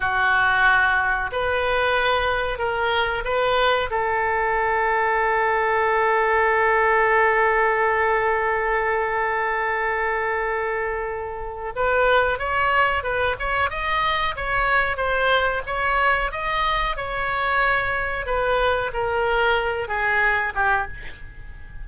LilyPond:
\new Staff \with { instrumentName = "oboe" } { \time 4/4 \tempo 4 = 92 fis'2 b'2 | ais'4 b'4 a'2~ | a'1~ | a'1~ |
a'2 b'4 cis''4 | b'8 cis''8 dis''4 cis''4 c''4 | cis''4 dis''4 cis''2 | b'4 ais'4. gis'4 g'8 | }